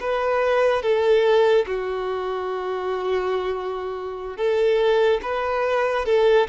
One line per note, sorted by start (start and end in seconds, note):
0.00 0.82 B4
0.82 1.66 A4
1.67 4.37 F#4
4.37 5.20 A4
5.22 6.05 B4
6.06 6.47 A4